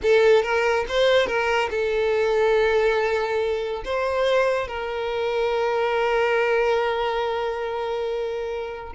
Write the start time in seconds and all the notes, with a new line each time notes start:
0.02 A4
0.42 A#4
0.88 C5
1.26 A#4
1.70 A4
3.85 C5
4.67 A#4